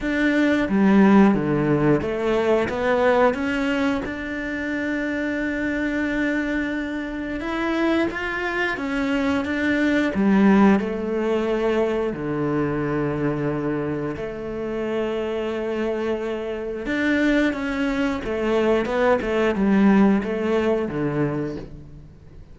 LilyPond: \new Staff \with { instrumentName = "cello" } { \time 4/4 \tempo 4 = 89 d'4 g4 d4 a4 | b4 cis'4 d'2~ | d'2. e'4 | f'4 cis'4 d'4 g4 |
a2 d2~ | d4 a2.~ | a4 d'4 cis'4 a4 | b8 a8 g4 a4 d4 | }